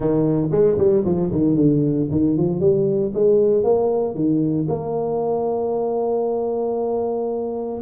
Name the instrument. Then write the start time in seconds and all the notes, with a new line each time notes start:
tuba
0.00 D#3
0.51 G#3
0.78 G3
1.05 F3
1.31 D#3
1.56 D3
2.11 D#3
2.37 F3
2.60 G3
3.14 G#3
3.63 A#3
4.14 D#3
4.68 A#3